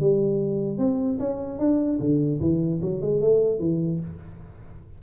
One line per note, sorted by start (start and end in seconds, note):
0.00 0.78 G3
0.78 1.19 C4
1.19 1.59 C#4
1.59 1.99 D4
2.00 2.40 D3
2.41 2.81 E3
2.82 3.02 F#3
3.02 3.21 G#3
3.21 3.59 A3
3.59 4.00 E3